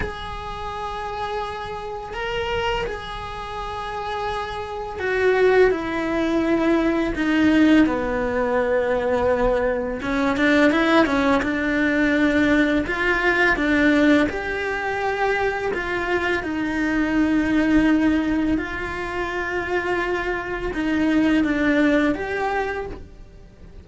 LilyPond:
\new Staff \with { instrumentName = "cello" } { \time 4/4 \tempo 4 = 84 gis'2. ais'4 | gis'2. fis'4 | e'2 dis'4 b4~ | b2 cis'8 d'8 e'8 cis'8 |
d'2 f'4 d'4 | g'2 f'4 dis'4~ | dis'2 f'2~ | f'4 dis'4 d'4 g'4 | }